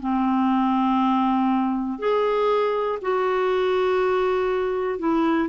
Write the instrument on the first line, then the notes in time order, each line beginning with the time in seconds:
clarinet
0.00 C4
1.99 G#4
3.02 F#4
4.99 E4